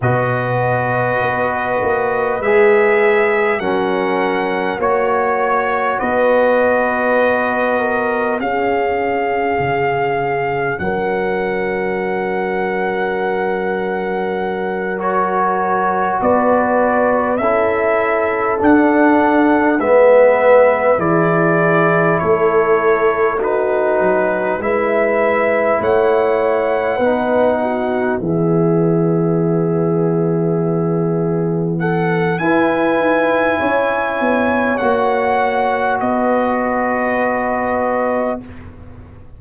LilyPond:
<<
  \new Staff \with { instrumentName = "trumpet" } { \time 4/4 \tempo 4 = 50 dis''2 e''4 fis''4 | cis''4 dis''2 f''4~ | f''4 fis''2.~ | fis''8 cis''4 d''4 e''4 fis''8~ |
fis''8 e''4 d''4 cis''4 b'8~ | b'8 e''4 fis''2 e''8~ | e''2~ e''8 fis''8 gis''4~ | gis''4 fis''4 dis''2 | }
  \new Staff \with { instrumentName = "horn" } { \time 4/4 b'2. ais'4 | cis''4 b'4. ais'8 gis'4~ | gis'4 ais'2.~ | ais'4. b'4 a'4.~ |
a'8 b'4 gis'4 a'4 fis'8~ | fis'8 b'4 cis''4 b'8 fis'8 gis'8~ | gis'2~ gis'8 a'8 b'4 | cis''2 b'2 | }
  \new Staff \with { instrumentName = "trombone" } { \time 4/4 fis'2 gis'4 cis'4 | fis'2. cis'4~ | cis'1~ | cis'8 fis'2 e'4 d'8~ |
d'8 b4 e'2 dis'8~ | dis'8 e'2 dis'4 b8~ | b2. e'4~ | e'4 fis'2. | }
  \new Staff \with { instrumentName = "tuba" } { \time 4/4 b,4 b8 ais8 gis4 fis4 | ais4 b2 cis'4 | cis4 fis2.~ | fis4. b4 cis'4 d'8~ |
d'8 gis4 e4 a4. | fis8 gis4 a4 b4 e8~ | e2. e'8 dis'8 | cis'8 b8 ais4 b2 | }
>>